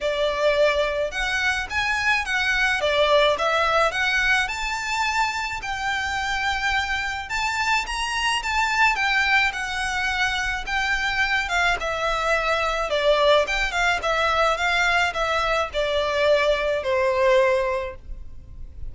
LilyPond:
\new Staff \with { instrumentName = "violin" } { \time 4/4 \tempo 4 = 107 d''2 fis''4 gis''4 | fis''4 d''4 e''4 fis''4 | a''2 g''2~ | g''4 a''4 ais''4 a''4 |
g''4 fis''2 g''4~ | g''8 f''8 e''2 d''4 | g''8 f''8 e''4 f''4 e''4 | d''2 c''2 | }